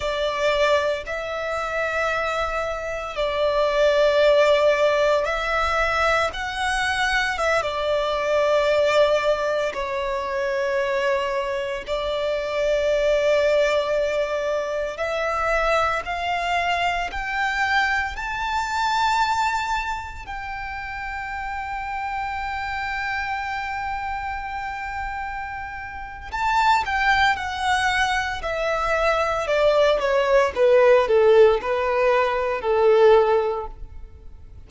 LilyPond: \new Staff \with { instrumentName = "violin" } { \time 4/4 \tempo 4 = 57 d''4 e''2 d''4~ | d''4 e''4 fis''4 e''16 d''8.~ | d''4~ d''16 cis''2 d''8.~ | d''2~ d''16 e''4 f''8.~ |
f''16 g''4 a''2 g''8.~ | g''1~ | g''4 a''8 g''8 fis''4 e''4 | d''8 cis''8 b'8 a'8 b'4 a'4 | }